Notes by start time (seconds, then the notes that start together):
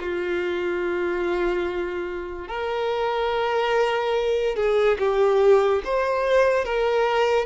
0.00 F4
2.48 A#4
4.56 G#4
4.98 G4
5.84 C5
6.65 A#4